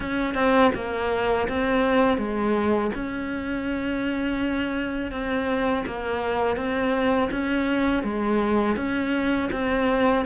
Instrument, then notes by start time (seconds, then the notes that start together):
cello
0.00 C#4
0.34 C4
0.75 A#3
1.48 C4
2.18 G#3
2.94 C#4
5.11 C4
5.86 A#3
6.56 C4
7.31 C#4
8.03 G#3
8.76 C#4
9.52 C4